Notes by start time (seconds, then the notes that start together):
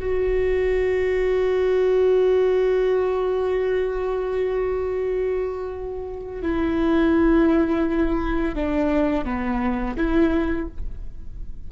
0.00 F#4
6.42 E4
8.55 D4
9.25 B3
9.97 E4